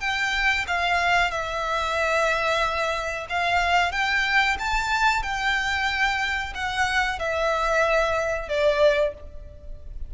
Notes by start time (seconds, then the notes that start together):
0.00 G5
0.67 F5
1.31 E5
3.29 F5
3.92 G5
4.59 A5
5.23 G5
6.55 F#5
7.19 E5
8.48 D5